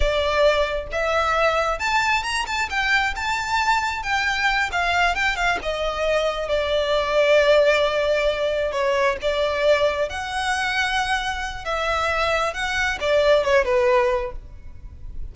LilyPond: \new Staff \with { instrumentName = "violin" } { \time 4/4 \tempo 4 = 134 d''2 e''2 | a''4 ais''8 a''8 g''4 a''4~ | a''4 g''4. f''4 g''8 | f''8 dis''2 d''4.~ |
d''2.~ d''8 cis''8~ | cis''8 d''2 fis''4.~ | fis''2 e''2 | fis''4 d''4 cis''8 b'4. | }